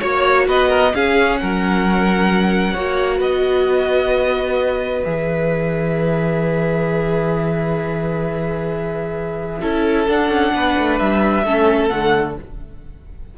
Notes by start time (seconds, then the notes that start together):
0.00 A#3 F#4 C#5
0.48 B3 B4 D#5
0.69 A#4
0.93 C#4 G#4 F5
1.37 F#3 A#4 F#5
2.74 A#3 F#4 C#5
3.18 B3 B4 D#5
5.04 E3 G#4 E5
9.62 C#4 E4 A4
10.08 D4 F#5
10.29 C#4
10.54 B3 B4
10.78 A3
10.99 G3 E5
11.44 A3 C#4 A4
11.89 D3 A3 F#5